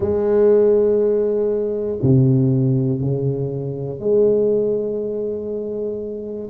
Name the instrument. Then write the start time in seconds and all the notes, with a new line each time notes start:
tuba
0.00 G#3
2.02 C3
3.00 C#3
3.99 G#3